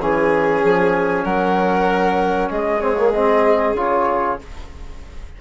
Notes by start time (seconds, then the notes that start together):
0.00 E3 C#4 G#4 G#5
0.63 F3
1.24 F#3 A#4 F#5
2.49 G#3 G#4 D#5
2.80 C4 C#5
2.98 A#3
3.12 C4 D#5
3.74 C#3 F4 C#5